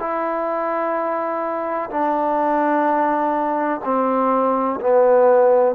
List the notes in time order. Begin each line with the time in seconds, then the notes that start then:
0.00 E4
1.90 D4
3.85 C4
4.81 B3